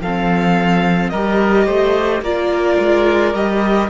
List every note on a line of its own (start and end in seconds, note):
0.00 1.11 F3
0.00 1.13 C4
0.00 1.11 A4
0.00 1.09 F5
1.09 1.66 G3
1.09 2.23 G4
1.09 1.66 A#4
1.09 2.20 D#5
1.66 2.21 A3
1.66 2.22 C5
2.21 2.77 A#3
2.21 3.34 F4
2.21 3.89 A#4
2.21 3.34 D5
2.79 3.34 G#3
3.34 3.89 G3
3.34 3.89 G4
3.34 3.89 D#5